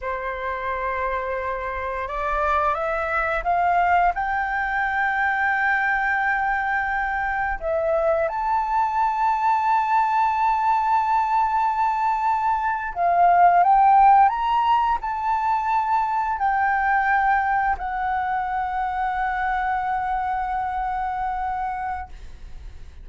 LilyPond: \new Staff \with { instrumentName = "flute" } { \time 4/4 \tempo 4 = 87 c''2. d''4 | e''4 f''4 g''2~ | g''2. e''4 | a''1~ |
a''2~ a''8. f''4 g''16~ | g''8. ais''4 a''2 g''16~ | g''4.~ g''16 fis''2~ fis''16~ | fis''1 | }